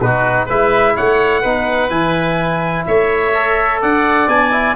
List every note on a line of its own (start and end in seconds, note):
0.00 0.48 B2
0.00 0.48 D#4
0.00 0.45 F#4
0.00 0.48 B4
0.45 0.96 G#3
0.45 1.43 E4
0.45 0.93 B4
0.45 0.96 E5
0.96 1.44 A3
0.96 1.41 C#5
0.96 1.89 F#5
1.41 1.89 B3
1.41 1.89 D#4
1.41 2.84 B4
1.89 2.85 E3
1.89 3.32 E4
1.89 2.85 G#5
2.85 3.82 A3
2.85 3.81 C#5
2.85 3.81 E5
3.34 4.28 A4
3.81 4.27 D4
3.81 4.76 D5
3.81 4.28 F#5
4.27 4.75 B3
4.27 4.51 D4
4.27 4.76 G#5
4.51 4.74 E4